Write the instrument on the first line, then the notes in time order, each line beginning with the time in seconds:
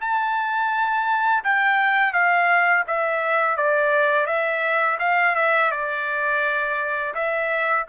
trumpet
0.00 A5
1.44 G5
2.13 F5
2.87 E5
3.56 D5
4.26 E5
4.99 F5
5.35 E5
5.71 D5
7.14 E5